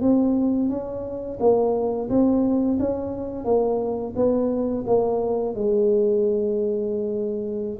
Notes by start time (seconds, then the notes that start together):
0.00 C4
0.69 C#4
1.39 A#3
2.09 C4
2.79 C#4
3.44 A#3
4.15 B3
4.86 A#3
5.55 G#3